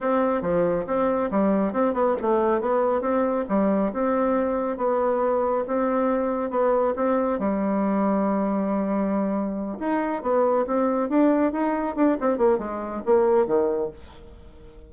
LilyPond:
\new Staff \with { instrumentName = "bassoon" } { \time 4/4 \tempo 4 = 138 c'4 f4 c'4 g4 | c'8 b8 a4 b4 c'4 | g4 c'2 b4~ | b4 c'2 b4 |
c'4 g2.~ | g2~ g8 dis'4 b8~ | b8 c'4 d'4 dis'4 d'8 | c'8 ais8 gis4 ais4 dis4 | }